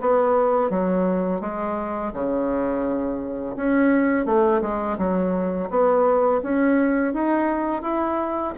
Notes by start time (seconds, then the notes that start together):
0.00 B3
0.69 F#3
1.41 G#3
2.13 C#3
3.56 C#4
4.25 A3
4.61 G#3
4.98 F#3
5.69 B3
6.43 C#4
7.13 D#4
7.82 E4